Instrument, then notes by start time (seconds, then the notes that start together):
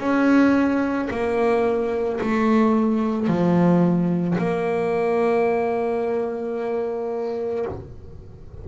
double bass
0.00 C#4
1.11 A#3
2.21 A3
3.28 F3
4.38 A#3